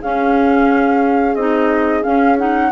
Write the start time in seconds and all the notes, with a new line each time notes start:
0.00 C#4 G#4 F5
1.35 C4 D#4 D#5
2.03 C#4 F5
2.38 D#4 F#5